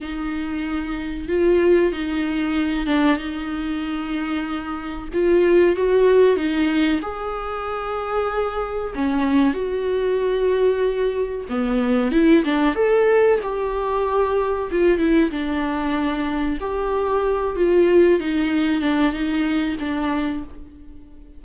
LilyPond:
\new Staff \with { instrumentName = "viola" } { \time 4/4 \tempo 4 = 94 dis'2 f'4 dis'4~ | dis'8 d'8 dis'2. | f'4 fis'4 dis'4 gis'4~ | gis'2 cis'4 fis'4~ |
fis'2 b4 e'8 d'8 | a'4 g'2 f'8 e'8 | d'2 g'4. f'8~ | f'8 dis'4 d'8 dis'4 d'4 | }